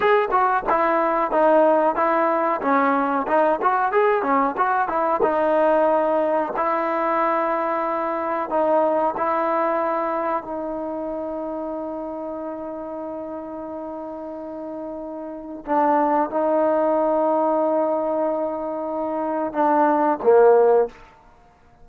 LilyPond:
\new Staff \with { instrumentName = "trombone" } { \time 4/4 \tempo 4 = 92 gis'8 fis'8 e'4 dis'4 e'4 | cis'4 dis'8 fis'8 gis'8 cis'8 fis'8 e'8 | dis'2 e'2~ | e'4 dis'4 e'2 |
dis'1~ | dis'1 | d'4 dis'2.~ | dis'2 d'4 ais4 | }